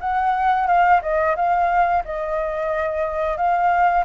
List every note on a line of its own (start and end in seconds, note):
0.00 0.67 F#5
0.67 1.01 F5
1.02 1.36 D#5
1.36 2.03 F5
2.05 3.37 D#5
3.37 4.04 F5